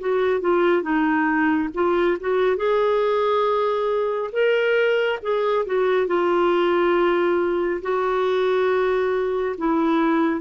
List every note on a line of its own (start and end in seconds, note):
0.00 0.41 F#4
0.41 0.82 F4
0.82 1.69 D#4
1.74 2.18 F4
2.20 2.57 F#4
2.57 4.30 G#4
4.32 5.19 A#4
5.22 5.66 G#4
5.66 6.07 F#4
6.07 7.81 F4
7.82 9.56 F#4
9.58 10.41 E4